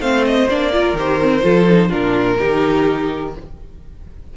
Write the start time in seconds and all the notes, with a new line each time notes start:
0.00 A3 C4 C5 F5
0.26 D#5
0.50 A#3 D4 D5
0.73 F4 A#4
0.94 D#3 G4 C5
1.22 C4
1.42 F3 F4 A4
1.70 D#4
1.90 A#2 D4 F4 A#4
2.39 D#3 D#4 G4